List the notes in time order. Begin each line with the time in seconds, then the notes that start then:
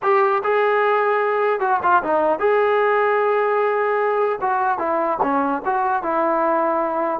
0.02 G4
0.43 G#4
1.60 F#4
1.82 F4
2.03 D#4
2.39 G#4
4.41 F#4
4.78 E4
5.22 C#4
5.65 F#4
6.02 E4